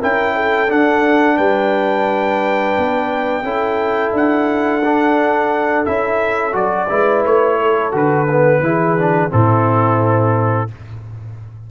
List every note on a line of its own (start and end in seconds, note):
0.00 0.71 C#4
0.00 0.68 E4
0.00 0.34 A#4
0.00 0.71 G5
0.35 1.37 A4
0.68 3.44 D4
0.68 1.39 D4
0.68 1.37 F#5
1.37 2.77 G3
1.37 3.44 B4
1.37 4.13 G5
2.78 3.43 B3
3.43 4.12 C#4
3.43 4.82 E4
3.43 6.89 A4
4.13 5.85 D4
4.13 5.86 F#5
4.85 5.86 D4
5.86 6.55 C#4
5.86 6.53 E4
5.86 6.55 E5
6.53 6.89 F#3
6.53 6.87 F#4
6.53 7.24 D5
6.89 7.25 G#3
6.89 7.92 E4
6.89 7.58 B4
7.25 7.93 A3
7.25 7.94 C#5
7.58 8.62 A4
7.92 8.61 D3
7.92 8.26 F#4
7.92 9.32 B4
8.31 8.63 B3
8.61 9.30 E3
8.61 8.98 E4
8.61 9.32 G#4
8.98 9.30 D4
9.30 10.71 A2
9.30 10.68 C4
9.30 10.70 E4
9.30 10.70 A4